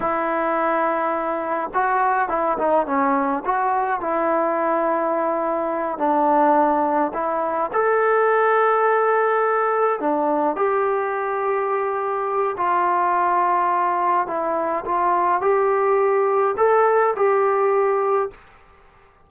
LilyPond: \new Staff \with { instrumentName = "trombone" } { \time 4/4 \tempo 4 = 105 e'2. fis'4 | e'8 dis'8 cis'4 fis'4 e'4~ | e'2~ e'8 d'4.~ | d'8 e'4 a'2~ a'8~ |
a'4. d'4 g'4.~ | g'2 f'2~ | f'4 e'4 f'4 g'4~ | g'4 a'4 g'2 | }